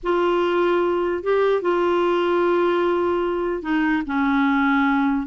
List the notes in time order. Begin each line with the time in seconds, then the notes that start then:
0.03 F4
1.23 G4
1.61 F4
3.62 D#4
4.06 C#4